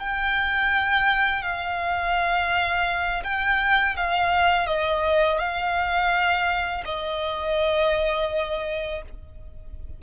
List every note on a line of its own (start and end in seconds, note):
0.00 1.43 G5
1.43 3.24 F5
3.24 3.96 G5
3.97 4.67 F5
4.67 5.39 D#5
5.39 6.84 F5
6.85 9.02 D#5